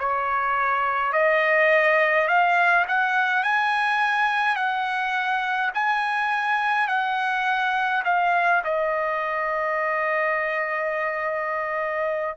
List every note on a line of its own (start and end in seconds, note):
0.00 1.13 C#5
1.13 2.28 D#5
2.28 2.86 F5
2.88 3.44 F#5
3.44 4.56 G#5
4.56 5.72 F#5
5.75 6.88 G#5
6.88 8.03 F#5
8.05 8.63 F5
8.65 12.38 D#5